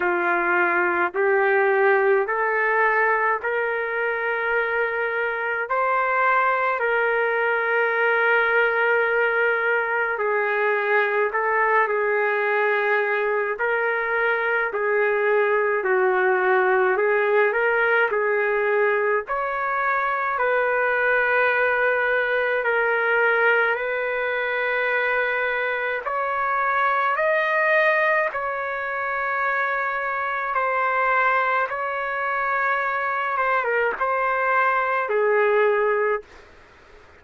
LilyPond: \new Staff \with { instrumentName = "trumpet" } { \time 4/4 \tempo 4 = 53 f'4 g'4 a'4 ais'4~ | ais'4 c''4 ais'2~ | ais'4 gis'4 a'8 gis'4. | ais'4 gis'4 fis'4 gis'8 ais'8 |
gis'4 cis''4 b'2 | ais'4 b'2 cis''4 | dis''4 cis''2 c''4 | cis''4. c''16 ais'16 c''4 gis'4 | }